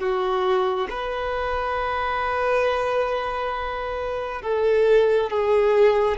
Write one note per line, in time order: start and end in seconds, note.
0.00 0.88 F#4
0.91 4.42 B4
4.42 5.31 A4
5.31 6.18 G#4